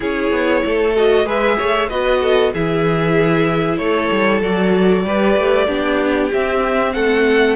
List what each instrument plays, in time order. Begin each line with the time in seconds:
0.00 cello C#4, viola E4, violin G#4 C#5
0.31 cello B3
0.65 cello A3, violin A4
0.96 viola F#4, violin D#5
1.25 cello G#3, viola G#4, violin B4 E5
1.57 cello A3, violin C#5
1.88 cello B3, viola F#4, violin B4 D#5
2.21 violin A4
2.53 cello E3, viola E4, violin G#4 E5
3.77 cello A3, violin A4 C#5
4.11 cello G3
4.41 cello F#3, viola F#4, violin D5
5.04 cello G3, viola G4, violin B4
5.36 cello A3
5.66 cello B3, viola D4, violin G4
6.33 cello C4, viola C4, violin E5
6.93 cello A3, violin A4 F#5